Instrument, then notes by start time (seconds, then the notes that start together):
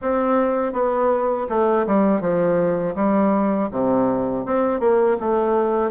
bassoon
0.01 C4
0.72 B3
1.48 A3
1.87 G3
2.20 F3
2.95 G3
3.71 C3
4.45 C4
4.79 A#3
5.20 A3